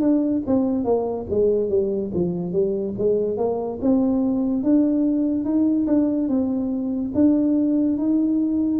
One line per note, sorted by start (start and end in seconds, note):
0.00 0.42 D4
0.46 0.84 C4
0.84 1.26 A#3
1.30 1.69 G#3
1.69 2.11 G3
2.14 2.52 F3
2.52 2.94 G3
2.97 3.37 G#3
3.37 3.79 A#3
3.81 4.63 C4
4.63 5.44 D4
5.44 5.86 D#4
5.86 6.28 D4
6.28 7.11 C4
7.14 7.97 D4
7.97 8.80 D#4